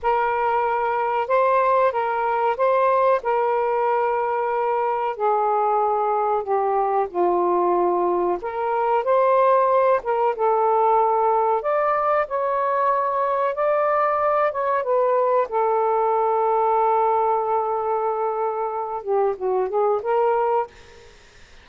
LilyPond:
\new Staff \with { instrumentName = "saxophone" } { \time 4/4 \tempo 4 = 93 ais'2 c''4 ais'4 | c''4 ais'2. | gis'2 g'4 f'4~ | f'4 ais'4 c''4. ais'8 |
a'2 d''4 cis''4~ | cis''4 d''4. cis''8 b'4 | a'1~ | a'4. g'8 fis'8 gis'8 ais'4 | }